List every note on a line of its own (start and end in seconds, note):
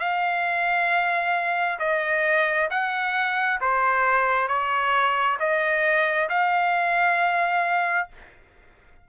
0.00 1.79 F5
1.80 2.69 D#5
2.71 3.60 F#5
3.61 4.49 C5
4.49 5.38 C#5
5.40 6.29 D#5
6.29 8.08 F5